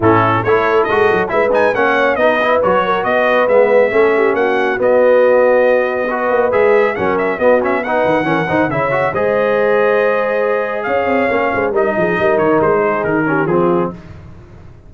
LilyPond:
<<
  \new Staff \with { instrumentName = "trumpet" } { \time 4/4 \tempo 4 = 138 a'4 cis''4 dis''4 e''8 gis''8 | fis''4 dis''4 cis''4 dis''4 | e''2 fis''4 dis''4~ | dis''2. e''4 |
fis''8 e''8 dis''8 e''8 fis''2 | e''4 dis''2.~ | dis''4 f''2 dis''4~ | dis''8 cis''8 c''4 ais'4 gis'4 | }
  \new Staff \with { instrumentName = "horn" } { \time 4/4 e'4 a'2 b'4 | cis''4 b'4. ais'8 b'4~ | b'4 a'8 g'8 fis'2~ | fis'2 b'2 |
ais'4 fis'4 b'4 ais'8 c''8 | cis''4 c''2.~ | c''4 cis''4. c''8 ais'8 gis'8 | ais'4. gis'4 g'8 f'4 | }
  \new Staff \with { instrumentName = "trombone" } { \time 4/4 cis'4 e'4 fis'4 e'8 dis'8 | cis'4 dis'8 e'8 fis'2 | b4 cis'2 b4~ | b2 fis'4 gis'4 |
cis'4 b8 cis'8 dis'4 cis'8 dis'8 | e'8 fis'8 gis'2.~ | gis'2 cis'4 dis'4~ | dis'2~ dis'8 cis'8 c'4 | }
  \new Staff \with { instrumentName = "tuba" } { \time 4/4 a,4 a4 gis8 fis8 gis4 | ais4 b4 fis4 b4 | gis4 a4 ais4 b4~ | b2~ b8 ais8 gis4 |
fis4 b4. dis8 e8 dis8 | cis4 gis2.~ | gis4 cis'8 c'8 ais8 gis8 g8 f8 | g8 dis8 gis4 dis4 f4 | }
>>